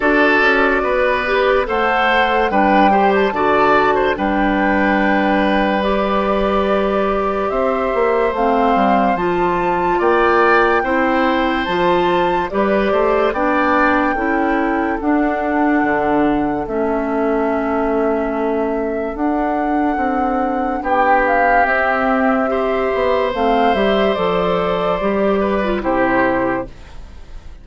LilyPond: <<
  \new Staff \with { instrumentName = "flute" } { \time 4/4 \tempo 4 = 72 d''2 fis''4 g''8. a''16~ | a''4 g''2 d''4~ | d''4 e''4 f''4 a''4 | g''2 a''4 d''4 |
g''2 fis''2 | e''2. fis''4~ | fis''4 g''8 f''8 e''2 | f''8 e''8 d''2 c''4 | }
  \new Staff \with { instrumentName = "oboe" } { \time 4/4 a'4 b'4 c''4 b'8 c''8 | d''8. c''16 b'2.~ | b'4 c''2. | d''4 c''2 b'8 c''8 |
d''4 a'2.~ | a'1~ | a'4 g'2 c''4~ | c''2~ c''8 b'8 g'4 | }
  \new Staff \with { instrumentName = "clarinet" } { \time 4/4 fis'4. g'8 a'4 d'8 g'8 | fis'4 d'2 g'4~ | g'2 c'4 f'4~ | f'4 e'4 f'4 g'4 |
d'4 e'4 d'2 | cis'2. d'4~ | d'2 c'4 g'4 | c'8 g'8 a'4 g'8. f'16 e'4 | }
  \new Staff \with { instrumentName = "bassoon" } { \time 4/4 d'8 cis'8 b4 a4 g4 | d4 g2.~ | g4 c'8 ais8 a8 g8 f4 | ais4 c'4 f4 g8 a8 |
b4 cis'4 d'4 d4 | a2. d'4 | c'4 b4 c'4. b8 | a8 g8 f4 g4 c4 | }
>>